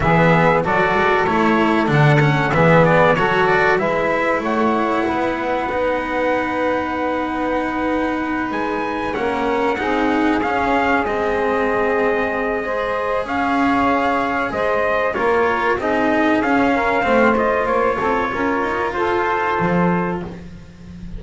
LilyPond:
<<
  \new Staff \with { instrumentName = "trumpet" } { \time 4/4 \tempo 4 = 95 e''4 d''4 cis''4 fis''4 | e''8 d''8 cis''8 d''8 e''4 fis''4~ | fis''1~ | fis''4. gis''4 fis''4.~ |
fis''8 f''4 dis''2~ dis''8~ | dis''4 f''2 dis''4 | cis''4 dis''4 f''4. dis''8 | cis''2 c''2 | }
  \new Staff \with { instrumentName = "saxophone" } { \time 4/4 gis'4 a'2. | gis'4 a'4 b'4 cis''4 | b'1~ | b'2~ b'8 ais'4 gis'8~ |
gis'1 | c''4 cis''2 c''4 | ais'4 gis'4. ais'8 c''4~ | c''8 a'8 ais'4 a'2 | }
  \new Staff \with { instrumentName = "cello" } { \time 4/4 b4 fis'4 e'4 d'8 cis'8 | b4 fis'4 e'2~ | e'4 dis'2.~ | dis'2~ dis'8 cis'4 dis'8~ |
dis'8 cis'4 c'2~ c'8 | gis'1 | f'4 dis'4 cis'4 c'8 f'8~ | f'1 | }
  \new Staff \with { instrumentName = "double bass" } { \time 4/4 e4 fis8 gis8 a4 d4 | e4 fis4 gis4 a4 | b1~ | b4. gis4 ais4 c'8~ |
c'8 cis'4 gis2~ gis8~ | gis4 cis'2 gis4 | ais4 c'4 cis'4 a4 | ais8 c'8 cis'8 dis'8 f'4 f4 | }
>>